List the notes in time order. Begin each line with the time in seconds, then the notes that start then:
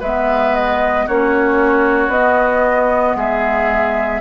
0.00 G#3 B3 B4 E5
0.54 D#5
1.06 A#3 C#4 F#4 C#5
2.08 B3 D#5
3.15 G#3 G#4 E5